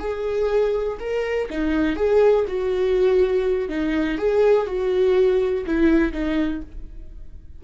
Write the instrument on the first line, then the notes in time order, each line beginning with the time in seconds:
viola
0.00 G#4
1.00 A#4
1.50 D#4
1.96 G#4
2.48 F#4
3.69 D#4
4.18 G#4
4.67 F#4
5.66 E4
6.13 D#4